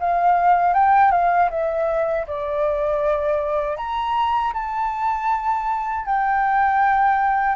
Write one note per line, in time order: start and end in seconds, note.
0.00 0.74 F5
0.74 1.12 G5
1.12 1.49 F5
1.51 2.26 E5
2.27 3.77 D5
3.77 4.53 A#5
4.54 6.06 A5
6.06 7.56 G5